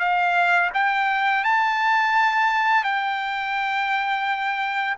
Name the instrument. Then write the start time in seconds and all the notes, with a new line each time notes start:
trumpet
0.00 F5
0.74 G5
1.45 A5
2.84 G5